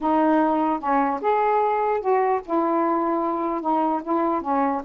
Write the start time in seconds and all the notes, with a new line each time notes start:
0.01 D#4
0.79 C#4
1.21 G#4
2.00 F#4
2.45 E4
3.61 D#4
4.03 E4
4.41 C#4